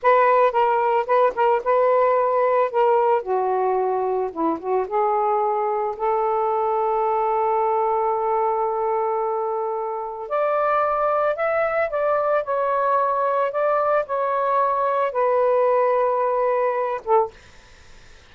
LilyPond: \new Staff \with { instrumentName = "saxophone" } { \time 4/4 \tempo 4 = 111 b'4 ais'4 b'8 ais'8 b'4~ | b'4 ais'4 fis'2 | e'8 fis'8 gis'2 a'4~ | a'1~ |
a'2. d''4~ | d''4 e''4 d''4 cis''4~ | cis''4 d''4 cis''2 | b'2.~ b'8 a'8 | }